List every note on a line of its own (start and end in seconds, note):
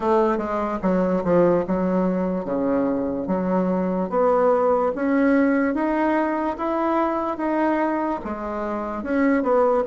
0.00 0.37 A3
0.37 0.78 G#3
0.81 1.23 F#3
1.23 1.64 F3
1.67 2.44 F#3
2.44 3.27 C#3
3.27 4.09 F#3
4.09 4.91 B3
4.95 5.74 C#4
5.74 6.56 D#4
6.57 7.37 E4
7.37 8.19 D#4
8.24 9.03 G#3
9.03 9.42 C#4
9.42 9.83 B3